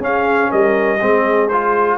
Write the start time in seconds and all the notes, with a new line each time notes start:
0.00 C#4 G#4 F5
0.49 G3 A#4 D#5
0.99 G#3 C4 G#4
1.48 F4 C5